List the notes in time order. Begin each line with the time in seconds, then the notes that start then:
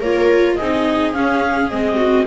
0.00 A#3 F4 A#4 C#5
0.55 C4 D#4 G#4 D#5
1.13 C#4 F5
1.70 G#3 C4 D#5
1.96 F#4